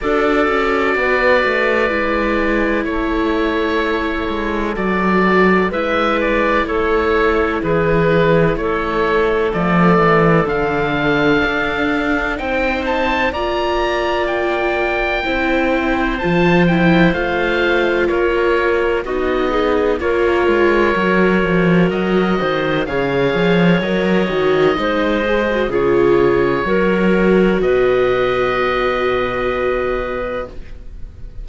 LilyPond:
<<
  \new Staff \with { instrumentName = "oboe" } { \time 4/4 \tempo 4 = 63 d''2. cis''4~ | cis''4 d''4 e''8 d''8 cis''4 | b'4 cis''4 d''4 f''4~ | f''4 g''8 a''8 ais''4 g''4~ |
g''4 a''8 g''8 f''4 cis''4 | dis''4 cis''2 dis''4 | f''4 dis''2 cis''4~ | cis''4 dis''2. | }
  \new Staff \with { instrumentName = "clarinet" } { \time 4/4 a'4 b'2 a'4~ | a'2 b'4 a'4 | gis'4 a'2.~ | a'4 c''4 d''2 |
c''2. ais'4 | fis'8 gis'8 ais'2~ ais'8 c''8 | cis''2 c''4 gis'4 | ais'4 b'2. | }
  \new Staff \with { instrumentName = "viola" } { \time 4/4 fis'2 e'2~ | e'4 fis'4 e'2~ | e'2 a4 d'4~ | d'4 dis'4 f'2 |
e'4 f'8 e'8 f'2 | dis'4 f'4 fis'2 | gis'4 ais'8 fis'8 dis'8 gis'16 fis'16 f'4 | fis'1 | }
  \new Staff \with { instrumentName = "cello" } { \time 4/4 d'8 cis'8 b8 a8 gis4 a4~ | a8 gis8 fis4 gis4 a4 | e4 a4 f8 e8 d4 | d'4 c'4 ais2 |
c'4 f4 a4 ais4 | b4 ais8 gis8 fis8 f8 fis8 dis8 | cis8 f8 fis8 dis8 gis4 cis4 | fis4 b,2. | }
>>